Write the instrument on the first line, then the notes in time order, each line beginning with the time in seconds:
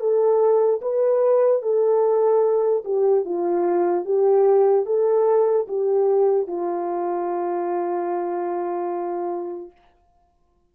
horn
0.00 A4
0.82 B4
1.63 A4
2.85 G4
3.25 F4
4.05 G4
4.86 A4
5.68 G4
6.48 F4